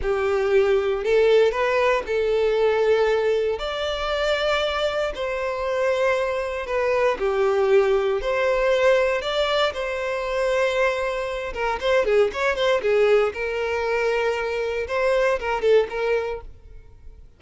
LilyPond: \new Staff \with { instrumentName = "violin" } { \time 4/4 \tempo 4 = 117 g'2 a'4 b'4 | a'2. d''4~ | d''2 c''2~ | c''4 b'4 g'2 |
c''2 d''4 c''4~ | c''2~ c''8 ais'8 c''8 gis'8 | cis''8 c''8 gis'4 ais'2~ | ais'4 c''4 ais'8 a'8 ais'4 | }